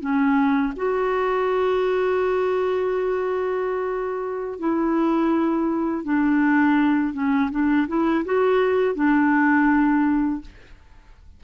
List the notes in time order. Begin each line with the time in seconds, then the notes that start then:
0.00 C#4
0.76 F#4
4.59 E4
6.04 D4
7.13 C#4
7.51 D4
7.88 E4
8.25 F#4
8.95 D4